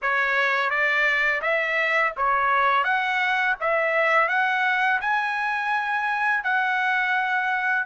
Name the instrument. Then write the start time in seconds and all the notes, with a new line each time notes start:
trumpet
0.02 C#5
0.69 D5
1.41 E5
2.16 C#5
2.83 F#5
3.60 E5
4.28 F#5
5.00 G#5
6.43 F#5